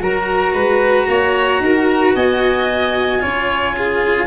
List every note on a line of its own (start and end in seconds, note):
0.00 0.54 F#3
0.00 3.20 F#4
0.00 0.53 A#4
0.00 2.15 A#5
0.53 1.07 G#3
0.53 1.06 B4
1.08 1.60 A#3
1.08 1.62 C#5
1.60 2.13 D#4
1.60 2.15 A#4
2.15 3.22 B3
2.15 3.21 D#5
2.15 4.26 G#5
3.20 4.26 C#4
3.20 4.26 F4
3.20 3.75 C#5
3.77 4.26 G#4